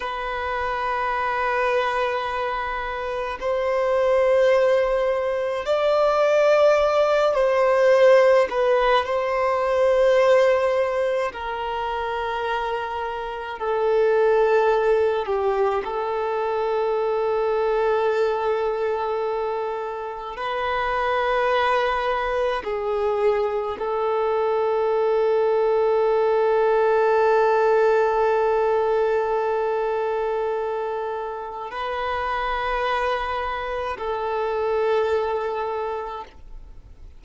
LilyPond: \new Staff \with { instrumentName = "violin" } { \time 4/4 \tempo 4 = 53 b'2. c''4~ | c''4 d''4. c''4 b'8 | c''2 ais'2 | a'4. g'8 a'2~ |
a'2 b'2 | gis'4 a'2.~ | a'1 | b'2 a'2 | }